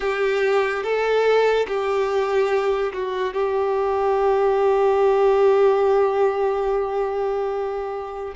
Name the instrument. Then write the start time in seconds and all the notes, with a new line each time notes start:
violin
0.00 G4
0.83 A4
1.67 G4
2.92 F#4
3.33 G4